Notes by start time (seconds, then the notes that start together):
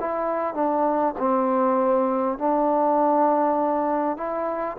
0.00 E4
0.54 D4
1.18 C4
2.38 D4
4.17 E4